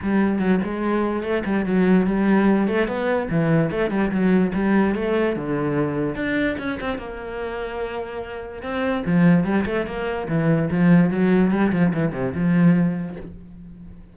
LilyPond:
\new Staff \with { instrumentName = "cello" } { \time 4/4 \tempo 4 = 146 g4 fis8 gis4. a8 g8 | fis4 g4. a8 b4 | e4 a8 g8 fis4 g4 | a4 d2 d'4 |
cis'8 c'8 ais2.~ | ais4 c'4 f4 g8 a8 | ais4 e4 f4 fis4 | g8 f8 e8 c8 f2 | }